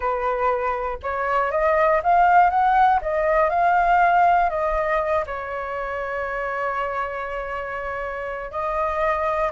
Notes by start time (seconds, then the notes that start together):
0.00 B4
1.02 C#5
1.51 D#5
2.03 F5
2.50 F#5
3.01 D#5
3.49 F5
4.49 D#5
5.26 C#5
8.51 D#5